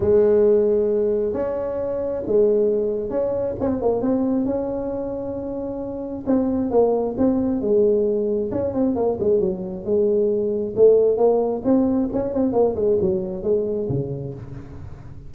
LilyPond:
\new Staff \with { instrumentName = "tuba" } { \time 4/4 \tempo 4 = 134 gis2. cis'4~ | cis'4 gis2 cis'4 | c'8 ais8 c'4 cis'2~ | cis'2 c'4 ais4 |
c'4 gis2 cis'8 c'8 | ais8 gis8 fis4 gis2 | a4 ais4 c'4 cis'8 c'8 | ais8 gis8 fis4 gis4 cis4 | }